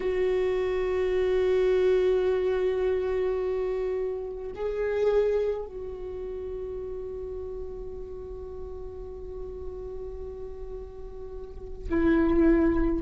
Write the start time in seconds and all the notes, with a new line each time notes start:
0.00 F#4
4.55 G#4
5.66 F#4
11.89 E4